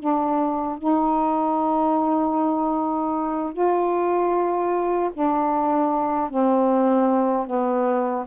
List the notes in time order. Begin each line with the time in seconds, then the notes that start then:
0.00 D4
0.79 D#4
3.53 F4
5.14 D4
6.30 C4
7.47 B3